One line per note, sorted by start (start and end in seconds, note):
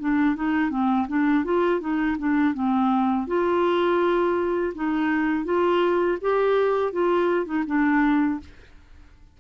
0.00 0.36 D4
0.36 0.71 D#4
0.71 1.07 C4
1.08 1.45 D4
1.45 1.81 F4
1.81 2.17 D#4
2.19 2.54 D4
2.54 3.27 C4
3.27 4.74 F4
4.75 5.45 D#4
5.45 6.18 F4
6.21 6.93 G4
6.93 7.46 F4
7.46 7.64 D#4
7.67 8.40 D4